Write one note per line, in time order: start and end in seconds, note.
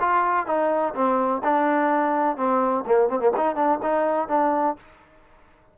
0.00 0.46 F4
0.46 0.94 D#4
0.94 1.42 C4
1.44 2.37 D4
2.37 2.84 C4
2.86 3.09 A#3
3.09 3.20 C4
3.20 3.32 A#3
3.37 3.55 D#4
3.55 3.79 D4
3.82 4.29 D#4
4.29 4.76 D4